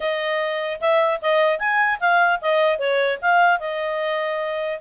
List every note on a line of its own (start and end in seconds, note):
0.00 0.80 D#5
0.80 1.20 E5
1.21 1.59 D#5
1.59 1.99 G#5
2.00 2.40 F5
2.41 2.79 D#5
2.79 3.19 C#5
3.21 3.59 F5
3.59 4.79 D#5